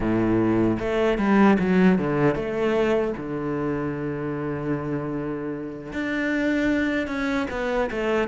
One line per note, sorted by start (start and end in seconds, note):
0.00 0.77 A2
0.79 1.18 A3
1.18 1.57 G3
1.59 1.98 F#3
1.98 2.35 D3
2.35 3.14 A3
3.17 5.92 D3
5.92 7.07 D4
7.07 7.46 C#4
7.50 7.89 B3
7.90 8.28 A3